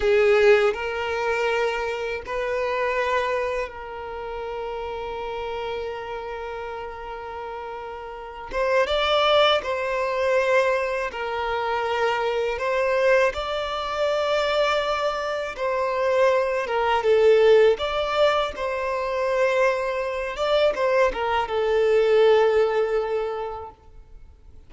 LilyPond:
\new Staff \with { instrumentName = "violin" } { \time 4/4 \tempo 4 = 81 gis'4 ais'2 b'4~ | b'4 ais'2.~ | ais'2.~ ais'8 c''8 | d''4 c''2 ais'4~ |
ais'4 c''4 d''2~ | d''4 c''4. ais'8 a'4 | d''4 c''2~ c''8 d''8 | c''8 ais'8 a'2. | }